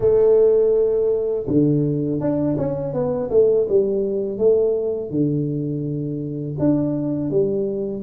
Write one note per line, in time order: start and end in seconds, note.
0.00 1.46 A3
1.47 2.20 D3
2.20 2.56 D4
2.57 2.93 C#4
2.93 3.29 B3
3.30 3.67 A3
3.69 4.37 G3
4.37 5.10 A3
5.10 6.56 D3
6.59 7.30 D4
7.30 8.02 G3